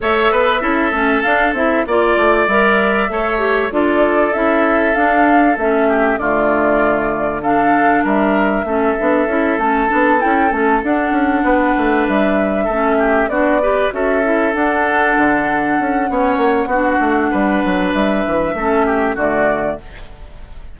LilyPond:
<<
  \new Staff \with { instrumentName = "flute" } { \time 4/4 \tempo 4 = 97 e''2 f''8 e''8 d''4 | e''2 d''4 e''4 | f''4 e''4 d''2 | f''4 e''2~ e''8 a''8~ |
a''8 g''8 a''8 fis''2 e''8~ | e''4. d''4 e''4 fis''8~ | fis''1~ | fis''4 e''2 d''4 | }
  \new Staff \with { instrumentName = "oboe" } { \time 4/4 cis''8 b'8 a'2 d''4~ | d''4 cis''4 a'2~ | a'4. g'8 f'2 | a'4 ais'4 a'2~ |
a'2~ a'8 b'4.~ | b'8 a'8 g'8 fis'8 b'8 a'4.~ | a'2 cis''4 fis'4 | b'2 a'8 g'8 fis'4 | }
  \new Staff \with { instrumentName = "clarinet" } { \time 4/4 a'4 e'8 cis'8 d'8 e'8 f'4 | ais'4 a'8 g'8 f'4 e'4 | d'4 cis'4 a2 | d'2 cis'8 d'8 e'8 cis'8 |
d'8 e'8 cis'8 d'2~ d'8~ | d'8 cis'4 d'8 g'8 fis'8 e'8 d'8~ | d'2 cis'4 d'4~ | d'2 cis'4 a4 | }
  \new Staff \with { instrumentName = "bassoon" } { \time 4/4 a8 b8 cis'8 a8 d'8 c'8 ais8 a8 | g4 a4 d'4 cis'4 | d'4 a4 d2~ | d4 g4 a8 b8 cis'8 a8 |
b8 cis'8 a8 d'8 cis'8 b8 a8 g8~ | g8 a4 b4 cis'4 d'8~ | d'8 d4 cis'8 b8 ais8 b8 a8 | g8 fis8 g8 e8 a4 d4 | }
>>